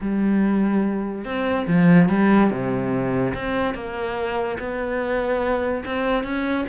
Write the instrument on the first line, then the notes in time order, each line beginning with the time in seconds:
cello
0.00 G3
1.24 C4
1.67 F3
2.08 G3
2.50 C3
3.33 C4
3.74 A#3
4.59 B3
5.85 C4
6.23 C#4